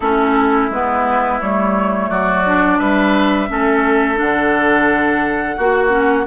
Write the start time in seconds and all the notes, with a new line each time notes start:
0.00 A3 C#4 E4 A4
0.69 G#3 B3 B4
1.40 G3 A3 C#5
2.09 F#3 F#4 D5
2.46 D4
2.78 G3 B4 E5
3.48 A3 C#4 A4
4.15 D3 D4 F#5
5.56 A#3 F#4
5.89 C#4